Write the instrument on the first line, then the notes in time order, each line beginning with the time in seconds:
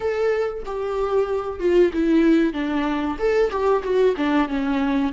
viola
0.00 A4
0.65 G4
1.59 F4
1.93 E4
2.53 D4
3.19 A4
3.50 G4
3.83 F#4
4.16 D4
4.48 C#4